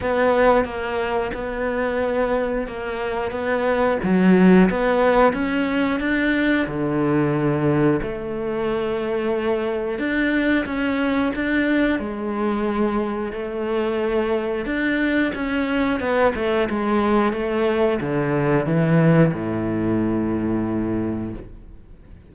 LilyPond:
\new Staff \with { instrumentName = "cello" } { \time 4/4 \tempo 4 = 90 b4 ais4 b2 | ais4 b4 fis4 b4 | cis'4 d'4 d2 | a2. d'4 |
cis'4 d'4 gis2 | a2 d'4 cis'4 | b8 a8 gis4 a4 d4 | e4 a,2. | }